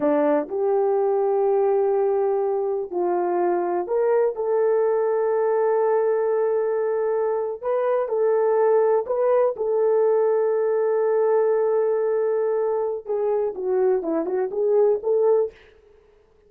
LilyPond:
\new Staff \with { instrumentName = "horn" } { \time 4/4 \tempo 4 = 124 d'4 g'2.~ | g'2 f'2 | ais'4 a'2.~ | a'2.~ a'8. b'16~ |
b'8. a'2 b'4 a'16~ | a'1~ | a'2. gis'4 | fis'4 e'8 fis'8 gis'4 a'4 | }